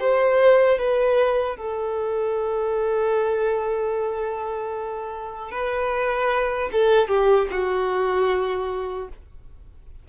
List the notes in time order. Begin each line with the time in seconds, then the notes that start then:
0.00 C5
0.78 B4
1.57 A4
5.52 B4
6.72 A4
7.08 G4
7.51 F#4